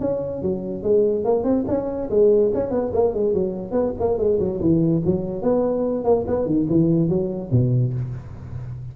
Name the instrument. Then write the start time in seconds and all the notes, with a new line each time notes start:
tuba
0.00 C#4
0.42 F#3
0.83 G#3
1.24 A#3
1.44 C4
1.67 C#4
2.10 G#3
2.54 C#4
2.70 B3
2.93 A#3
3.13 G#3
3.33 F#3
3.71 B3
4.00 A#3
4.18 G#3
4.39 F#3
4.60 E3
5.05 F#3
5.42 B3
6.04 A#3
6.27 B3
6.45 D#3
6.69 E3
7.09 F#3
7.51 B2